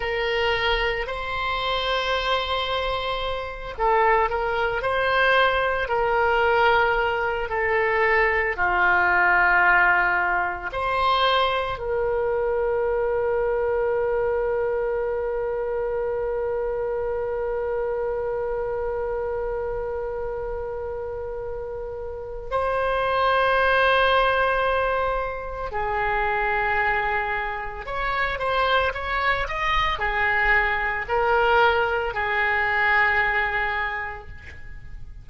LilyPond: \new Staff \with { instrumentName = "oboe" } { \time 4/4 \tempo 4 = 56 ais'4 c''2~ c''8 a'8 | ais'8 c''4 ais'4. a'4 | f'2 c''4 ais'4~ | ais'1~ |
ais'1~ | ais'4 c''2. | gis'2 cis''8 c''8 cis''8 dis''8 | gis'4 ais'4 gis'2 | }